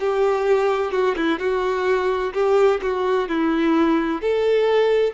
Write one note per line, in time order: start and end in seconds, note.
0.00 0.92 G4
0.92 1.15 F#4
1.16 1.39 E4
1.39 2.33 F#4
2.34 2.80 G4
2.83 3.29 F#4
3.29 4.21 E4
4.21 5.13 A4